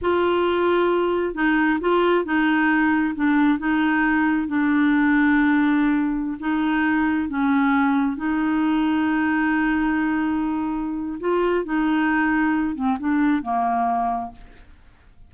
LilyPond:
\new Staff \with { instrumentName = "clarinet" } { \time 4/4 \tempo 4 = 134 f'2. dis'4 | f'4 dis'2 d'4 | dis'2 d'2~ | d'2~ d'16 dis'4.~ dis'16~ |
dis'16 cis'2 dis'4.~ dis'16~ | dis'1~ | dis'4 f'4 dis'2~ | dis'8 c'8 d'4 ais2 | }